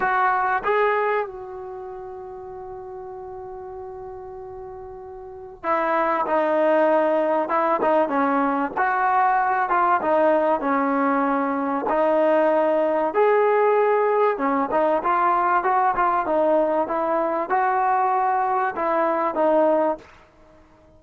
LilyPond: \new Staff \with { instrumentName = "trombone" } { \time 4/4 \tempo 4 = 96 fis'4 gis'4 fis'2~ | fis'1~ | fis'4 e'4 dis'2 | e'8 dis'8 cis'4 fis'4. f'8 |
dis'4 cis'2 dis'4~ | dis'4 gis'2 cis'8 dis'8 | f'4 fis'8 f'8 dis'4 e'4 | fis'2 e'4 dis'4 | }